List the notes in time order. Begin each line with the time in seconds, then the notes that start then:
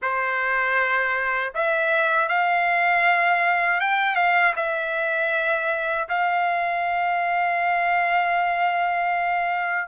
0.01 C5
1.54 E5
2.28 F5
3.80 G5
4.15 F5
4.56 E5
6.08 F5